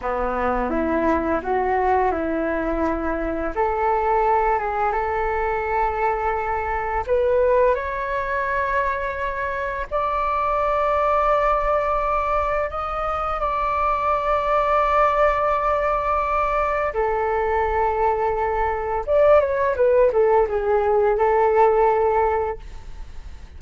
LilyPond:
\new Staff \with { instrumentName = "flute" } { \time 4/4 \tempo 4 = 85 b4 e'4 fis'4 e'4~ | e'4 a'4. gis'8 a'4~ | a'2 b'4 cis''4~ | cis''2 d''2~ |
d''2 dis''4 d''4~ | d''1 | a'2. d''8 cis''8 | b'8 a'8 gis'4 a'2 | }